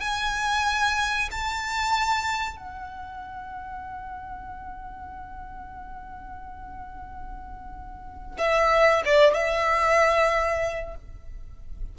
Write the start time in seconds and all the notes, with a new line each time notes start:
0.00 G#5
1.31 A5
2.57 F#5
8.38 E5
9.05 D5
9.34 E5